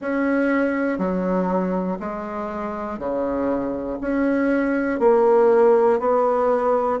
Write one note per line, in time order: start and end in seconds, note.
0.00 0.98 C#4
0.98 1.98 F#3
2.00 2.99 G#3
2.99 3.99 C#3
4.00 4.99 C#4
4.99 5.99 A#3
5.99 6.99 B3